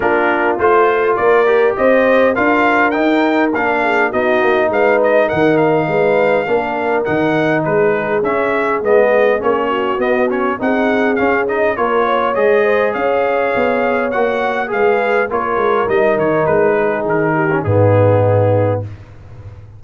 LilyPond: <<
  \new Staff \with { instrumentName = "trumpet" } { \time 4/4 \tempo 4 = 102 ais'4 c''4 d''4 dis''4 | f''4 g''4 f''4 dis''4 | f''8 dis''8 fis''8 f''2~ f''8 | fis''4 b'4 e''4 dis''4 |
cis''4 dis''8 cis''8 fis''4 f''8 dis''8 | cis''4 dis''4 f''2 | fis''4 f''4 cis''4 dis''8 cis''8 | b'4 ais'4 gis'2 | }
  \new Staff \with { instrumentName = "horn" } { \time 4/4 f'2 ais'4 c''4 | ais'2~ ais'8 gis'8 fis'4 | b'4 ais'4 b'4 ais'4~ | ais'4 gis'2.~ |
gis'8 fis'4. gis'2 | ais'8 cis''4 c''8 cis''2~ | cis''4 b'4 ais'2~ | ais'8 gis'4 g'8 dis'2 | }
  \new Staff \with { instrumentName = "trombone" } { \time 4/4 d'4 f'4. g'4. | f'4 dis'4 d'4 dis'4~ | dis'2. d'4 | dis'2 cis'4 b4 |
cis'4 b8 cis'8 dis'4 cis'8 dis'8 | f'4 gis'2. | fis'4 gis'4 f'4 dis'4~ | dis'4.~ dis'16 cis'16 b2 | }
  \new Staff \with { instrumentName = "tuba" } { \time 4/4 ais4 a4 ais4 c'4 | d'4 dis'4 ais4 b8 ais8 | gis4 dis4 gis4 ais4 | dis4 gis4 cis'4 gis4 |
ais4 b4 c'4 cis'4 | ais4 gis4 cis'4 b4 | ais4 gis4 ais8 gis8 g8 dis8 | gis4 dis4 gis,2 | }
>>